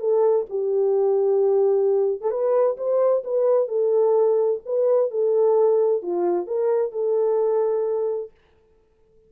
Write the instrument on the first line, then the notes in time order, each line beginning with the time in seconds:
horn
0.00 A4
0.50 G4
2.21 A4
2.31 B4
2.78 C5
3.24 B4
3.68 A4
4.66 B4
5.11 A4
6.03 F4
6.47 A#4
6.93 A4